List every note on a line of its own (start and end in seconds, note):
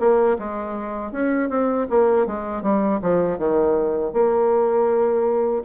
0.00 0.38 A#3
0.39 1.12 G#3
1.12 1.50 C#4
1.50 1.88 C4
1.91 2.27 A#3
2.27 2.63 G#3
2.63 3.01 G3
3.02 3.39 F3
3.39 4.14 D#3
4.14 5.64 A#3